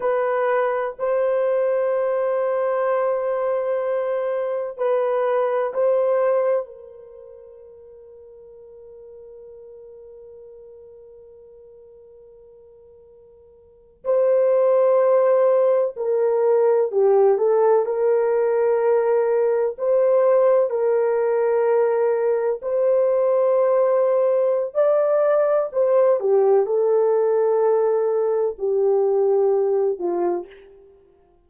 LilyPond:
\new Staff \with { instrumentName = "horn" } { \time 4/4 \tempo 4 = 63 b'4 c''2.~ | c''4 b'4 c''4 ais'4~ | ais'1~ | ais'2~ ais'8. c''4~ c''16~ |
c''8. ais'4 g'8 a'8 ais'4~ ais'16~ | ais'8. c''4 ais'2 c''16~ | c''2 d''4 c''8 g'8 | a'2 g'4. f'8 | }